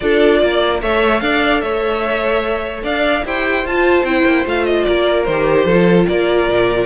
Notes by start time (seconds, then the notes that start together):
0.00 D4 F4 A4 D5
0.39 A#3 D5
0.81 A3 A4 C#5 E5
1.20 D4 D5 F5
1.60 A3 C#5 E5
2.83 D4 D5 F5
3.24 E4 G4 C5 G5
3.65 F4 A5
4.03 C4 E4 G5
4.25 A#3
4.45 A3 F4 F5
4.64 D#5
4.84 A#3 A#4 D5
5.24 D#3 C5
5.30 G4
5.65 F3 A4
5.71 F4
6.07 A#3 A#4 D5
6.48 A#2